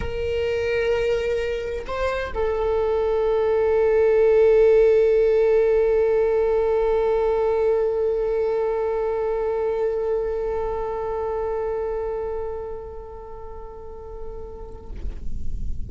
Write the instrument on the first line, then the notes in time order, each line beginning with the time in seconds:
viola
0.00 A#4
1.86 C5
2.34 A4